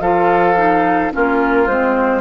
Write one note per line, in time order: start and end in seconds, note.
0.00 1.11 F3
0.00 0.56 F4
0.00 1.12 A4
0.00 1.12 F5
0.56 1.11 D#4
1.11 1.66 A#3
1.11 1.67 C#4
1.11 2.21 F4
1.11 1.67 A#4
1.66 2.21 G#3
1.66 2.21 C4
1.66 2.21 C5